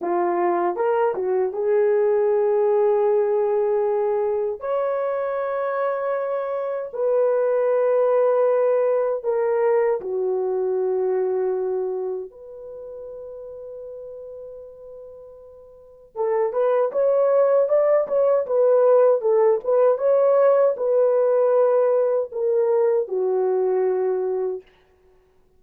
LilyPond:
\new Staff \with { instrumentName = "horn" } { \time 4/4 \tempo 4 = 78 f'4 ais'8 fis'8 gis'2~ | gis'2 cis''2~ | cis''4 b'2. | ais'4 fis'2. |
b'1~ | b'4 a'8 b'8 cis''4 d''8 cis''8 | b'4 a'8 b'8 cis''4 b'4~ | b'4 ais'4 fis'2 | }